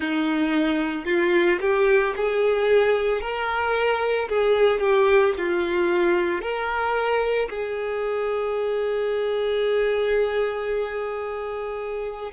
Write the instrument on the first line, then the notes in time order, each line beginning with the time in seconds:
violin
0.00 D#4
1.05 F4
1.61 G4
2.16 G#4
3.21 A#4
4.29 G#4
4.80 G4
5.37 F4
6.41 A#4
7.49 G#4